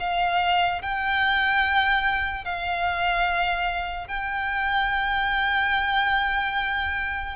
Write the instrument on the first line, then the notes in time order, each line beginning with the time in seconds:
violin
0.00 F5
0.82 G5
2.45 F5
4.08 G5